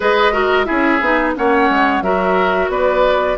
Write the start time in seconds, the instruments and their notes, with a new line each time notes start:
0.00 bassoon G#3, clarinet G#4, oboe B4, flute D#5
0.32 clarinet F#4, oboe A#4
0.64 bassoon C#4, clarinet E4, oboe G#4, flute E5
1.01 bassoon B3, clarinet D#4
1.35 bassoon A#3, clarinet C#4, oboe C#5, flute F#5
1.69 bassoon G#3
2.01 bassoon F#3, clarinet F#4, oboe A#4, flute E5
2.69 bassoon B3, oboe B4, flute D5